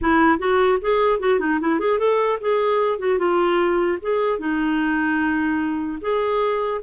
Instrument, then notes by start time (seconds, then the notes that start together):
clarinet
0.01 E4
0.38 F#4
0.81 G#4
1.19 F#4
1.39 D#4
1.60 E4
1.79 G#4
1.99 A4
2.41 G#4
2.98 F#4
3.18 F4
4.01 G#4
4.38 D#4
6.01 G#4